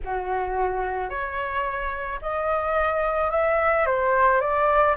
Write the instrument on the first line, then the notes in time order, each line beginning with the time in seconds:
flute
0.04 F#4
1.09 C#5
2.21 D#5
3.30 E5
3.86 C5
4.40 D5